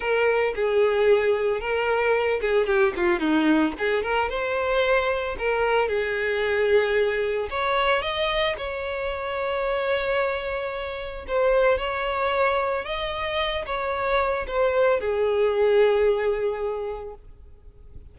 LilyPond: \new Staff \with { instrumentName = "violin" } { \time 4/4 \tempo 4 = 112 ais'4 gis'2 ais'4~ | ais'8 gis'8 g'8 f'8 dis'4 gis'8 ais'8 | c''2 ais'4 gis'4~ | gis'2 cis''4 dis''4 |
cis''1~ | cis''4 c''4 cis''2 | dis''4. cis''4. c''4 | gis'1 | }